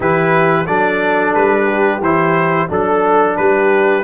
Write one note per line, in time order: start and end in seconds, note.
0.00 0.66 E3
0.00 0.65 E4
0.00 0.67 G4
0.00 0.66 B4
0.66 1.34 F#3
0.66 2.00 D4
0.66 1.66 A4
0.66 1.33 D5
1.34 2.00 G3
1.34 2.01 B4
1.66 2.67 G4
2.00 2.67 E3
2.00 2.68 E4
2.00 2.70 C5
2.68 3.38 F#3
2.68 4.03 D4
2.68 3.36 A4
2.68 3.37 A4
3.37 4.04 G3
3.37 4.04 G4
3.37 4.04 B4